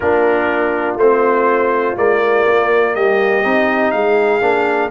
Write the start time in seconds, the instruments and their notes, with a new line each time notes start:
0.00 tuba A#3, trombone D4, horn F4, trumpet A#4
0.95 tuba A3, trombone C4, trumpet C5
1.96 tuba G#3, trombone A#3, trumpet D5
2.47 tuba A#3
2.94 tuba G3, horn G4, trumpet D#5
3.43 tuba C4, trombone D#4
3.91 tuba G#3, horn G#4, trumpet F5
4.41 tuba A#3, trombone D4